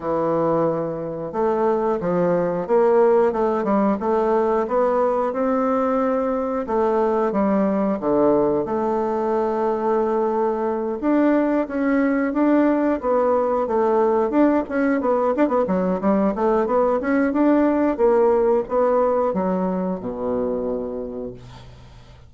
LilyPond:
\new Staff \with { instrumentName = "bassoon" } { \time 4/4 \tempo 4 = 90 e2 a4 f4 | ais4 a8 g8 a4 b4 | c'2 a4 g4 | d4 a2.~ |
a8 d'4 cis'4 d'4 b8~ | b8 a4 d'8 cis'8 b8 d'16 b16 fis8 | g8 a8 b8 cis'8 d'4 ais4 | b4 fis4 b,2 | }